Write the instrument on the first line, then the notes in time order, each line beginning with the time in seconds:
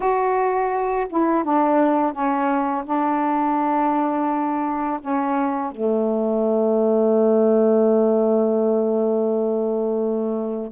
saxophone
0.00 F#4
1.09 E4
1.44 D4
2.12 C#4
2.85 D4
5.00 C#4
5.71 A3